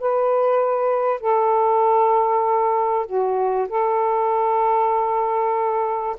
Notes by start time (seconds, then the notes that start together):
0.00 B4
1.20 A4
3.06 F#4
3.69 A4